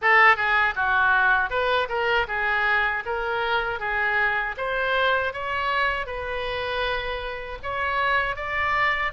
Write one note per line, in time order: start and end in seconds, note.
0.01 0.36 A4
0.36 0.74 G#4
0.75 1.50 F#4
1.50 1.88 B4
1.88 2.26 A#4
2.27 3.03 G#4
3.05 3.79 A#4
3.79 4.55 G#4
4.57 5.33 C5
5.33 6.06 C#5
6.06 7.58 B4
7.62 8.36 C#5
8.36 9.12 D5